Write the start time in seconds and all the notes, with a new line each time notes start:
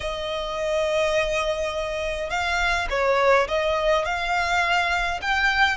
0.00 D#5
2.30 F5
2.90 C#5
3.47 D#5
4.05 F5
5.21 G5